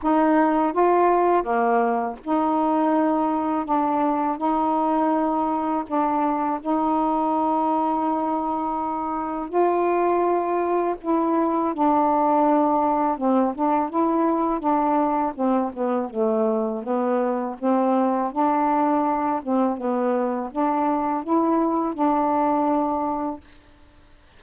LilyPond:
\new Staff \with { instrumentName = "saxophone" } { \time 4/4 \tempo 4 = 82 dis'4 f'4 ais4 dis'4~ | dis'4 d'4 dis'2 | d'4 dis'2.~ | dis'4 f'2 e'4 |
d'2 c'8 d'8 e'4 | d'4 c'8 b8 a4 b4 | c'4 d'4. c'8 b4 | d'4 e'4 d'2 | }